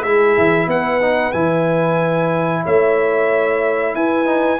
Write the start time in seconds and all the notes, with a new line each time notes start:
0.00 G#3 E4 G#4 E5
0.38 E3
0.67 B3 B4 F#5
1.01 D#4
1.32 E3 E4 G#5
2.63 A3 C#5 E5
3.94 E4 B4 G#5
4.25 D#4